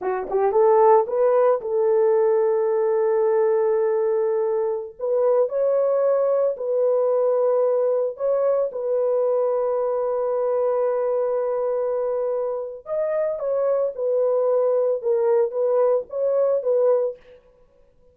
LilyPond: \new Staff \with { instrumentName = "horn" } { \time 4/4 \tempo 4 = 112 fis'8 g'8 a'4 b'4 a'4~ | a'1~ | a'4~ a'16 b'4 cis''4.~ cis''16~ | cis''16 b'2. cis''8.~ |
cis''16 b'2.~ b'8.~ | b'1 | dis''4 cis''4 b'2 | ais'4 b'4 cis''4 b'4 | }